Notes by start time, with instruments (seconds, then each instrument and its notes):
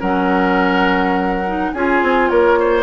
0.00 bassoon F#3, clarinet C#4, oboe A#4, flute F#5
1.47 clarinet D#4
1.73 bassoon C#4, clarinet F4, oboe G#4, flute G#5
2.02 bassoon C4
2.29 bassoon A#3, oboe A#4, flute C#5
2.60 oboe C5